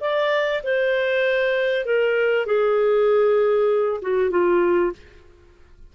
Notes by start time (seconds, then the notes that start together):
0.00 D5
0.63 C5
1.85 A#4
2.46 G#4
4.01 F#4
4.30 F4